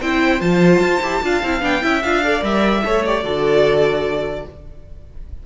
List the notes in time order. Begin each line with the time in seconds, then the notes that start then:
0.00 C4 E4 C5 G5
0.40 F3 F4 A5
0.80 F4
1.00 E4 G4
1.22 D4 F4 F5
1.42 C4 E4
1.60 B3 D4 G5
1.81 C#4 E4 E5
2.02 D4 F4 F5
2.23 A4 D5
2.40 G3 A#4 E5
2.84 A3 A4 C#5
3.05 G4 D5
3.23 D3 F#4 A4